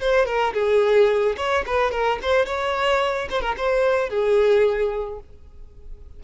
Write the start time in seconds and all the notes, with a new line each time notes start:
0.00 C5
0.25 A#4
0.53 G#4
1.36 C#5
1.66 B4
1.91 A#4
2.21 C5
2.45 C#5
3.30 C5
3.41 A#4
3.57 C5
4.09 G#4